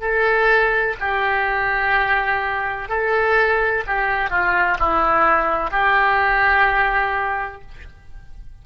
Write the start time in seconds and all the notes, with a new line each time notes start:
0.00 A4
1.00 G4
2.88 A4
3.87 G4
4.30 F4
4.79 E4
5.71 G4